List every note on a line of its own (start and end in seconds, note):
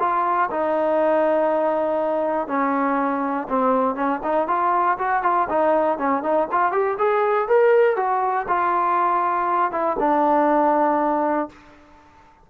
0.00 0.50 F4
0.51 2.48 D#4
2.48 3.48 C#4
3.49 3.95 C4
3.95 4.20 C#4
4.24 4.48 D#4
4.48 4.98 F4
4.99 5.23 F#4
5.23 5.48 F4
5.50 5.98 D#4
5.98 6.23 C#4
6.23 6.48 D#4
6.52 6.73 F4
6.73 6.98 G4
6.99 7.49 G#4
7.49 7.97 A#4
7.97 8.47 F#4
8.49 9.72 F4
9.72 9.97 E4
10.00 11.50 D4